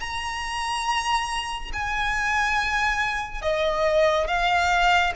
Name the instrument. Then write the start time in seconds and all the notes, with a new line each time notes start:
violin
0.00 A#5
1.73 G#5
3.41 D#5
4.27 F5